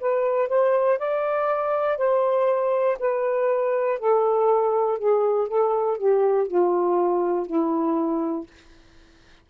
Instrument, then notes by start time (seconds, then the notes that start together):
saxophone
0.00 B4
0.48 C5
0.98 D5
1.97 C5
2.99 B4
3.99 A4
4.98 G#4
5.48 A4
5.97 G4
6.48 F4
7.46 E4